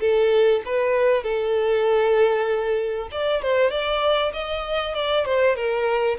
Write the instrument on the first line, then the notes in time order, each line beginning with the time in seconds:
violin
0.00 A4
0.65 B4
1.23 A4
3.11 D5
3.42 C5
3.70 D5
4.33 D#5
4.94 D5
5.25 C5
5.56 A#4